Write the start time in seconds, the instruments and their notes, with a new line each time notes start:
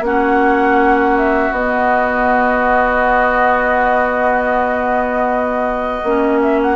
0.00 bassoon A#3, clarinet C#4, oboe F#4, flute F#5
1.17 flute E5
1.51 bassoon B3, clarinet B3, flute D#5
6.03 bassoon A#3, clarinet C#4
6.42 flute E5
6.62 flute F#5